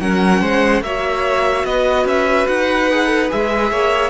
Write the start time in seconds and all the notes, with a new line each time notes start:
0.00 F#3 C#4 A#4 F#5
0.41 G#3 C5
0.81 A#3 F#4 C#5 E5
1.64 B3 B4 D#5
2.05 C#4 E5
2.47 D#4 F#5
2.91 G#4
3.05 A4
3.29 G#3 G#4 E5
3.71 A#3 C#5